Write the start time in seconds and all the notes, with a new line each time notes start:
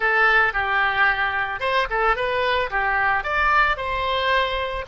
0.00 A4
0.53 G4
1.60 C5
1.90 A4
2.15 B4
2.70 G4
3.23 D5
3.77 C5